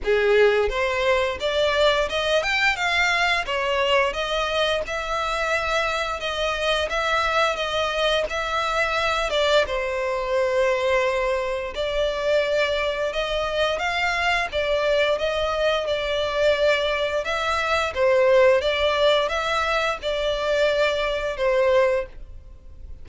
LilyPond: \new Staff \with { instrumentName = "violin" } { \time 4/4 \tempo 4 = 87 gis'4 c''4 d''4 dis''8 g''8 | f''4 cis''4 dis''4 e''4~ | e''4 dis''4 e''4 dis''4 | e''4. d''8 c''2~ |
c''4 d''2 dis''4 | f''4 d''4 dis''4 d''4~ | d''4 e''4 c''4 d''4 | e''4 d''2 c''4 | }